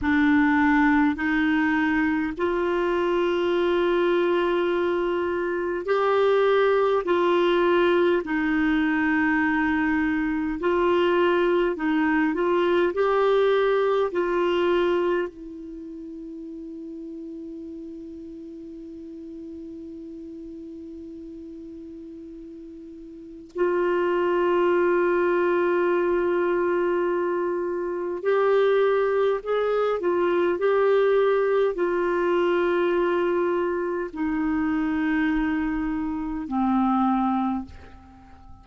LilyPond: \new Staff \with { instrumentName = "clarinet" } { \time 4/4 \tempo 4 = 51 d'4 dis'4 f'2~ | f'4 g'4 f'4 dis'4~ | dis'4 f'4 dis'8 f'8 g'4 | f'4 e'2.~ |
e'1 | f'1 | g'4 gis'8 f'8 g'4 f'4~ | f'4 dis'2 c'4 | }